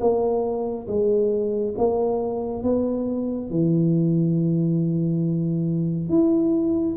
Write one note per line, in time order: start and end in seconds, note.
0.00 0.87 A#3
0.88 1.75 G#3
1.77 2.63 A#3
2.63 3.50 B3
3.50 6.09 E3
6.09 6.96 E4